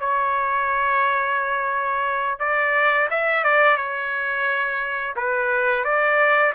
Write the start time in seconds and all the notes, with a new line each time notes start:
0.00 C#5
2.40 D5
3.11 E5
3.45 D5
3.77 C#5
5.17 B4
5.85 D5